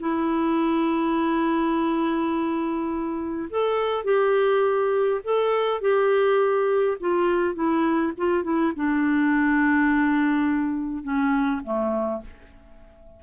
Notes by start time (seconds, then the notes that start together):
0.00 E4
3.50 A4
4.05 G4
5.24 A4
5.81 G4
7.00 F4
7.55 E4
8.17 F4
8.44 E4
8.76 D4
11.03 C#4
11.63 A3